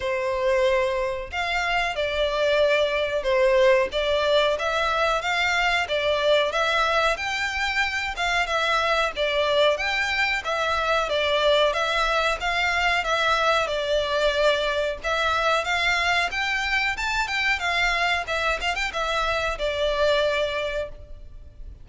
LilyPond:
\new Staff \with { instrumentName = "violin" } { \time 4/4 \tempo 4 = 92 c''2 f''4 d''4~ | d''4 c''4 d''4 e''4 | f''4 d''4 e''4 g''4~ | g''8 f''8 e''4 d''4 g''4 |
e''4 d''4 e''4 f''4 | e''4 d''2 e''4 | f''4 g''4 a''8 g''8 f''4 | e''8 f''16 g''16 e''4 d''2 | }